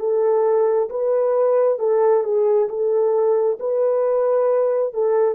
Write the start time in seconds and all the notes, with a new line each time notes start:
0.00 A4
0.90 B4
1.79 A4
2.24 G#4
2.69 A4
3.59 B4
4.94 A4